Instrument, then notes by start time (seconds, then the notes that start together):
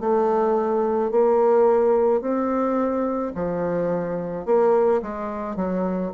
bassoon
0.00 A3
1.11 A#3
2.21 C4
3.35 F3
4.45 A#3
5.02 G#3
5.56 F#3